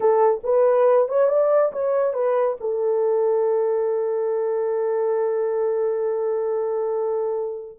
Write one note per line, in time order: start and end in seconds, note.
0.00 0.41 A4
0.43 1.08 B4
1.08 1.28 C#5
1.28 1.71 D5
1.72 2.13 C#5
2.13 2.56 B4
2.60 7.78 A4